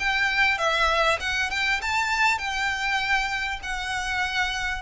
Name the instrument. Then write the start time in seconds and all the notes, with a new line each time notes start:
violin
0.00 G5
0.59 E5
1.20 F#5
1.51 G5
1.82 A5
2.39 G5
3.63 F#5